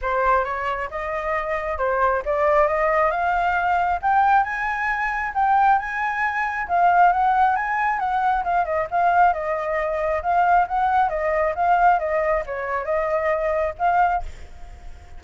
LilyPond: \new Staff \with { instrumentName = "flute" } { \time 4/4 \tempo 4 = 135 c''4 cis''4 dis''2 | c''4 d''4 dis''4 f''4~ | f''4 g''4 gis''2 | g''4 gis''2 f''4 |
fis''4 gis''4 fis''4 f''8 dis''8 | f''4 dis''2 f''4 | fis''4 dis''4 f''4 dis''4 | cis''4 dis''2 f''4 | }